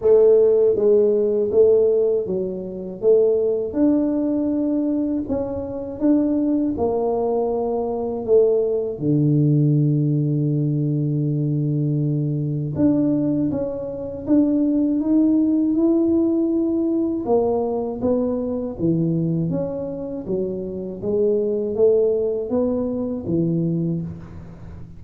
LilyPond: \new Staff \with { instrumentName = "tuba" } { \time 4/4 \tempo 4 = 80 a4 gis4 a4 fis4 | a4 d'2 cis'4 | d'4 ais2 a4 | d1~ |
d4 d'4 cis'4 d'4 | dis'4 e'2 ais4 | b4 e4 cis'4 fis4 | gis4 a4 b4 e4 | }